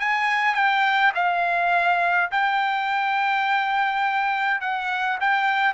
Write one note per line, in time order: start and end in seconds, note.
0.00 0.55 G#5
0.55 1.13 G5
1.15 2.31 F5
2.32 4.61 G5
4.61 5.19 F#5
5.21 5.74 G5